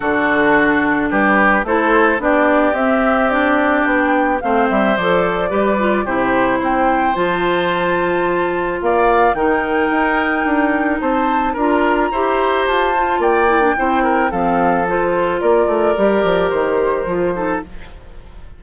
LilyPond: <<
  \new Staff \with { instrumentName = "flute" } { \time 4/4 \tempo 4 = 109 a'2 b'4 c''4 | d''4 e''4 d''4 g''4 | f''8 e''8 d''2 c''4 | g''4 a''2. |
f''4 g''2. | a''4 ais''2 a''4 | g''2 f''4 c''4 | d''2 c''2 | }
  \new Staff \with { instrumentName = "oboe" } { \time 4/4 fis'2 g'4 a'4 | g'1 | c''2 b'4 g'4 | c''1 |
d''4 ais'2. | c''4 ais'4 c''2 | d''4 c''8 ais'8 a'2 | ais'2.~ ais'8 a'8 | }
  \new Staff \with { instrumentName = "clarinet" } { \time 4/4 d'2. e'4 | d'4 c'4 d'2 | c'4 a'4 g'8 f'8 e'4~ | e'4 f'2.~ |
f'4 dis'2.~ | dis'4 f'4 g'4. f'8~ | f'8 e'16 d'16 e'4 c'4 f'4~ | f'4 g'2 f'8 dis'8 | }
  \new Staff \with { instrumentName = "bassoon" } { \time 4/4 d2 g4 a4 | b4 c'2 b4 | a8 g8 f4 g4 c4 | c'4 f2. |
ais4 dis4 dis'4 d'4 | c'4 d'4 e'4 f'4 | ais4 c'4 f2 | ais8 a8 g8 f8 dis4 f4 | }
>>